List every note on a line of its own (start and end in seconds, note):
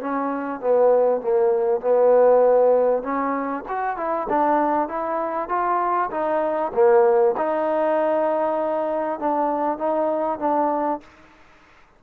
0.00 0.60 C#4
0.60 1.21 B3
1.21 1.80 A#3
1.80 3.03 B3
3.03 3.64 C#4
3.68 3.97 F#4
3.97 4.27 E4
4.29 4.88 D4
4.88 5.49 E4
5.49 6.10 F4
6.10 6.72 D#4
6.74 7.35 A#3
7.37 9.19 D#4
9.19 9.78 D4
9.78 10.39 D#4
10.39 11.00 D4